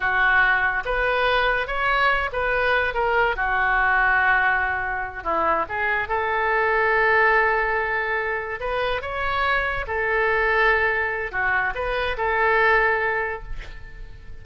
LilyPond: \new Staff \with { instrumentName = "oboe" } { \time 4/4 \tempo 4 = 143 fis'2 b'2 | cis''4. b'4. ais'4 | fis'1~ | fis'8 e'4 gis'4 a'4.~ |
a'1~ | a'8 b'4 cis''2 a'8~ | a'2. fis'4 | b'4 a'2. | }